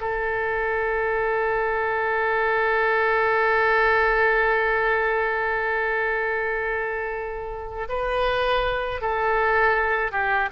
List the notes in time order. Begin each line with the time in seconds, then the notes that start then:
0.00 A4
7.89 B4
9.01 A4
10.11 G4